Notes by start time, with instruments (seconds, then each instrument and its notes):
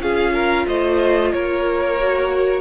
0.00 cello C#4, viola F4, violin G#4 F5
0.34 violin A#4
0.67 cello A3, violin C5 D#5
1.32 cello A#3, violin A#4 C#5
2.00 viola F#4